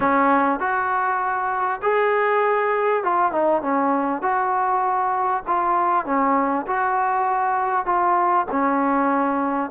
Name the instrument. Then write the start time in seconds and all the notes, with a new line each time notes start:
trombone
0.00 C#4
0.59 F#4
1.82 G#4
3.03 F4
3.32 D#4
3.62 C#4
4.21 F#4
5.47 F4
6.05 C#4
6.66 F#4
7.85 F4
8.51 C#4